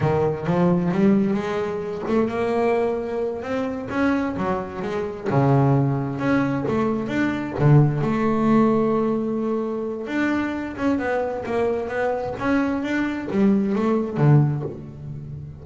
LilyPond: \new Staff \with { instrumentName = "double bass" } { \time 4/4 \tempo 4 = 131 dis4 f4 g4 gis4~ | gis8 a8 ais2~ ais8 c'8~ | c'8 cis'4 fis4 gis4 cis8~ | cis4. cis'4 a4 d'8~ |
d'8 d4 a2~ a8~ | a2 d'4. cis'8 | b4 ais4 b4 cis'4 | d'4 g4 a4 d4 | }